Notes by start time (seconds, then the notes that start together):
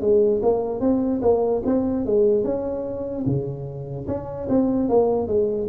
0.00 G#3
0.42 A#3
0.80 C4
1.21 A#3
1.65 C4
2.05 G#3
2.43 C#4
3.26 C#3
4.07 C#4
4.49 C4
4.88 A#3
5.27 G#3